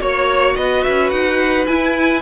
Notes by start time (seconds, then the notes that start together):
0.00 A#3 F#4 C#5
0.56 B3 B4 D#5
0.83 C#4 E5
1.10 D#4 F#5
1.67 E4 G#5